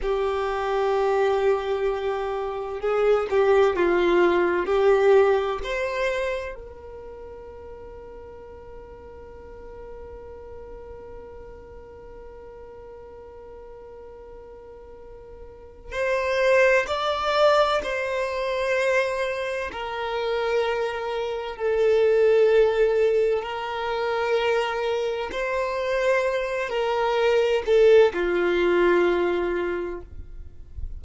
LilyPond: \new Staff \with { instrumentName = "violin" } { \time 4/4 \tempo 4 = 64 g'2. gis'8 g'8 | f'4 g'4 c''4 ais'4~ | ais'1~ | ais'1~ |
ais'4 c''4 d''4 c''4~ | c''4 ais'2 a'4~ | a'4 ais'2 c''4~ | c''8 ais'4 a'8 f'2 | }